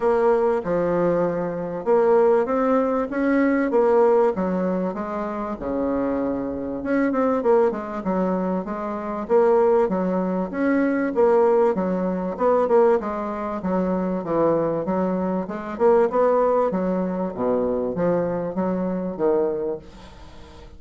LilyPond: \new Staff \with { instrumentName = "bassoon" } { \time 4/4 \tempo 4 = 97 ais4 f2 ais4 | c'4 cis'4 ais4 fis4 | gis4 cis2 cis'8 c'8 | ais8 gis8 fis4 gis4 ais4 |
fis4 cis'4 ais4 fis4 | b8 ais8 gis4 fis4 e4 | fis4 gis8 ais8 b4 fis4 | b,4 f4 fis4 dis4 | }